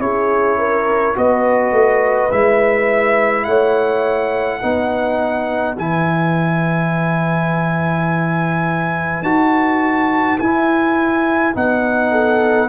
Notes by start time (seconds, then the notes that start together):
0.00 C#4 E4 G#4 C#5
0.59 A#4
1.15 B3 F#4 B4 D#5
1.72 A3
2.32 G#3 E4 E5
3.45 A3 C#5 F#5
4.60 B3 D#4 B4
5.78 E3 E4 G#5
9.23 D#4 F#4 A5
10.39 E4 G#5
11.55 B3 D#4 F#5
12.12 A4